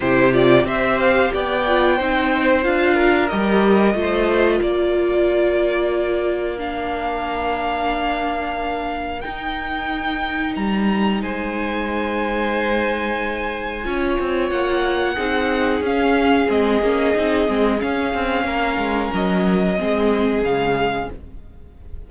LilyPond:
<<
  \new Staff \with { instrumentName = "violin" } { \time 4/4 \tempo 4 = 91 c''8 d''8 e''8 f''8 g''2 | f''4 dis''2 d''4~ | d''2 f''2~ | f''2 g''2 |
ais''4 gis''2.~ | gis''2 fis''2 | f''4 dis''2 f''4~ | f''4 dis''2 f''4 | }
  \new Staff \with { instrumentName = "violin" } { \time 4/4 g'4 c''4 d''4 c''4~ | c''8 ais'4. c''4 ais'4~ | ais'1~ | ais'1~ |
ais'4 c''2.~ | c''4 cis''2 gis'4~ | gis'1 | ais'2 gis'2 | }
  \new Staff \with { instrumentName = "viola" } { \time 4/4 e'8 f'8 g'4. f'8 dis'4 | f'4 g'4 f'2~ | f'2 d'2~ | d'2 dis'2~ |
dis'1~ | dis'4 f'2 dis'4 | cis'4 c'8 cis'8 dis'8 c'8 cis'4~ | cis'2 c'4 gis4 | }
  \new Staff \with { instrumentName = "cello" } { \time 4/4 c4 c'4 b4 c'4 | d'4 g4 a4 ais4~ | ais1~ | ais2 dis'2 |
g4 gis2.~ | gis4 cis'8 c'8 ais4 c'4 | cis'4 gis8 ais8 c'8 gis8 cis'8 c'8 | ais8 gis8 fis4 gis4 cis4 | }
>>